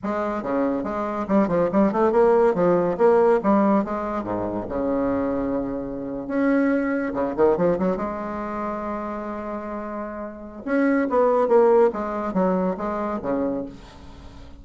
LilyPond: \new Staff \with { instrumentName = "bassoon" } { \time 4/4 \tempo 4 = 141 gis4 cis4 gis4 g8 f8 | g8 a8 ais4 f4 ais4 | g4 gis4 gis,4 cis4~ | cis2~ cis8. cis'4~ cis'16~ |
cis'8. cis8 dis8 f8 fis8 gis4~ gis16~ | gis1~ | gis4 cis'4 b4 ais4 | gis4 fis4 gis4 cis4 | }